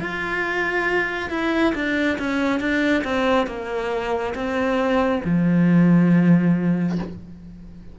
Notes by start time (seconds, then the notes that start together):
0.00 F4
1.30 E4
1.75 D4
2.19 C#4
2.60 D4
3.04 C4
3.47 A#3
4.35 C4
5.25 F3